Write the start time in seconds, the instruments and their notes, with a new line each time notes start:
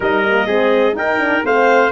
0.00 tuba G3, horn D#4, trumpet A#4, clarinet D#5
0.26 horn A#3
0.46 tuba G#3, horn C4, trumpet G#4
0.92 horn D#4, tuba D#4, trumpet A#4, clarinet G5
1.18 horn D4
1.44 tuba A3, horn C4, trumpet C5, clarinet F5